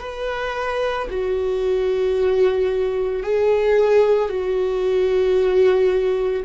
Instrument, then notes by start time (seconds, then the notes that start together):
viola
0.00 B4
1.10 F#4
3.23 G#4
4.29 F#4